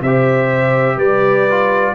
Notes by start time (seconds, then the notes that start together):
0.00 C3 C5 E5
0.06 G4
0.96 G3 B4 D5
1.50 F4